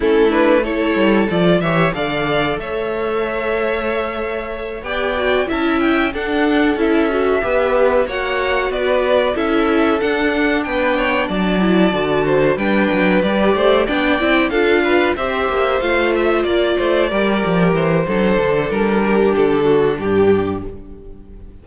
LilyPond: <<
  \new Staff \with { instrumentName = "violin" } { \time 4/4 \tempo 4 = 93 a'8 b'8 cis''4 d''8 e''8 f''4 | e''2.~ e''8 g''8~ | g''8 a''8 g''8 fis''4 e''4.~ | e''8 fis''4 d''4 e''4 fis''8~ |
fis''8 g''4 a''2 g''8~ | g''8 d''4 g''4 f''4 e''8~ | e''8 f''8 e''8 d''2 c''8~ | c''4 ais'4 a'4 g'4 | }
  \new Staff \with { instrumentName = "violin" } { \time 4/4 e'4 a'4. cis''8 d''4 | cis''2.~ cis''8 d''8~ | d''8 e''4 a'2 b'8~ | b'8 cis''4 b'4 a'4.~ |
a'8 b'8 cis''8 d''4. c''8 b'8~ | b'4 c''8 d''4 a'8 b'8 c''8~ | c''4. d''8 c''8 ais'4. | a'4. g'4 fis'8 g'4 | }
  \new Staff \with { instrumentName = "viola" } { \time 4/4 cis'8 d'8 e'4 f'8 g'8 a'4~ | a'2.~ a'8 g'8 | fis'8 e'4 d'4 e'8 fis'8 g'8~ | g'8 fis'2 e'4 d'8~ |
d'2 e'8 fis'4 d'8~ | d'8 g'4 d'8 e'8 f'4 g'8~ | g'8 f'2 g'4. | d'1 | }
  \new Staff \with { instrumentName = "cello" } { \time 4/4 a4. g8 f8 e8 d4 | a2.~ a8 b8~ | b8 cis'4 d'4 cis'4 b8~ | b8 ais4 b4 cis'4 d'8~ |
d'8 b4 fis4 d4 g8 | fis8 g8 a8 b8 c'8 d'4 c'8 | ais8 a4 ais8 a8 g8 f8 e8 | fis8 d8 g4 d4 g,4 | }
>>